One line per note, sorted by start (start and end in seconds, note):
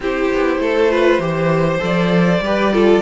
0.00 0.28 C4
0.00 0.90 E4
0.00 0.60 G4
0.00 1.84 C5
0.33 0.58 B3
0.58 1.18 A3
0.58 0.91 A4
0.90 1.20 F4
0.90 1.21 B4
1.18 1.78 E3
1.18 1.79 G4
1.18 2.43 C5
1.79 2.40 F3
1.79 2.40 A4
1.79 3.02 D5
2.40 3.00 G3
2.40 2.73 G4
2.40 2.72 B4
2.72 3.02 F4
2.72 3.02 A4